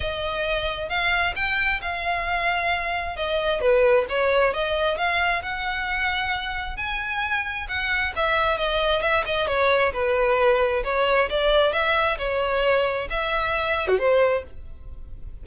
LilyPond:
\new Staff \with { instrumentName = "violin" } { \time 4/4 \tempo 4 = 133 dis''2 f''4 g''4 | f''2. dis''4 | b'4 cis''4 dis''4 f''4 | fis''2. gis''4~ |
gis''4 fis''4 e''4 dis''4 | e''8 dis''8 cis''4 b'2 | cis''4 d''4 e''4 cis''4~ | cis''4 e''4.~ e''16 fis'16 c''4 | }